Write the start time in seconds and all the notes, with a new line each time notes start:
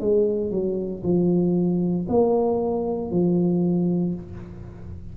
0.00 G#3
0.51 F#3
1.03 F3
2.08 A#3
3.11 F3